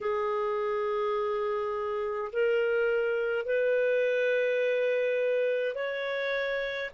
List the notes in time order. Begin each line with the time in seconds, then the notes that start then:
0.00 G#4
2.32 A#4
3.45 B4
5.75 C#5